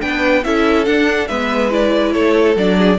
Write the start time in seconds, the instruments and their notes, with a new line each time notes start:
0.00 cello B3, viola D4, violin B4 G5
0.44 cello C#4, viola E4, violin A4 E5
0.85 viola D4, cello D4, violin F#5
1.27 cello G#3, viola B3, violin B4 E5
1.70 viola E4, violin D5
2.12 cello A3, violin A4 C#5
2.56 cello F#3, viola D4, violin D5
2.77 violin G#4